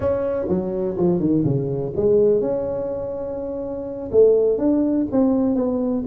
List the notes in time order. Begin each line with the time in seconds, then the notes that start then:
0.00 C#4
0.48 F#3
0.97 F3
1.19 D#3
1.44 C#3
1.96 G#3
2.40 C#4
4.11 A3
4.58 D4
5.11 C4
5.55 B3